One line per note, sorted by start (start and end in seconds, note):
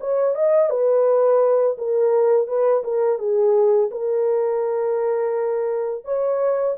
0.00 0.35 C#5
0.35 0.69 D#5
0.69 1.77 B4
1.78 2.47 A#4
2.47 2.83 B4
2.83 3.18 A#4
3.18 3.90 G#4
3.91 6.05 A#4
6.05 6.76 C#5